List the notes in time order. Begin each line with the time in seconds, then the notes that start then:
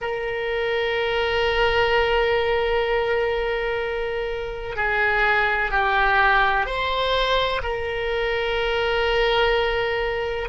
0.01 A#4
4.76 G#4
5.71 G4
6.65 C5
7.62 A#4